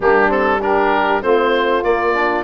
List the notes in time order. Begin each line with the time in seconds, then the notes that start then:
0.00 G3 A#3 D4 G4
0.28 C4 A4
0.61 D4 G4 A#4
1.22 A3 C4 F4 C5
1.83 A#3 D5
2.14 D4